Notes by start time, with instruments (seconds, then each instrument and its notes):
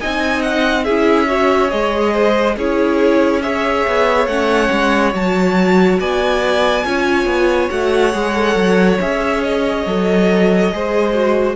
0.00 cello C4, viola D#4, violin D#5 G#5
0.42 violin F#5
0.84 cello C#4, viola E4, violin G#4 E5
1.27 viola F#4, violin C#5
1.70 cello G#3, viola G#4, violin D#5
2.13 violin C5
2.56 cello C#4, viola E4, violin G#4 C#5
3.42 viola G#4, violin C#5 E5
3.87 cello B3
4.26 cello A3, viola C#4, violin F#5
4.71 cello G#3
5.12 cello F#3, viola F#4, violin A5
6.00 cello B3, violin D5 G#5
6.85 cello C#4, viola F4, violin C#5
7.25 cello B3
7.69 cello A3, viola F#4, violin F#5
8.12 cello G#3, viola G#4
8.34 viola A4
8.56 cello F#3
9.01 cello C#4, viola G#4, violin E5
9.43 violin D#5
9.86 cello F#3, viola A4
10.72 cello G#3, viola G#4, violin C5
11.13 viola F#4